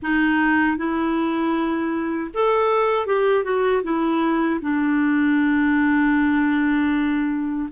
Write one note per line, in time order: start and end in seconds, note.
0.02 0.77 D#4
0.77 2.30 E4
2.34 3.06 A4
3.06 3.44 G4
3.44 3.82 F#4
3.83 4.60 E4
4.61 7.69 D4